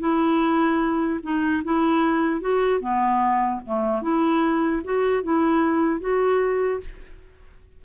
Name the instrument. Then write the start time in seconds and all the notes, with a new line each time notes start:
clarinet
0.00 E4
1.23 D#4
1.64 E4
2.41 F#4
2.81 B3
3.67 A3
4.02 E4
4.85 F#4
5.24 E4
6.01 F#4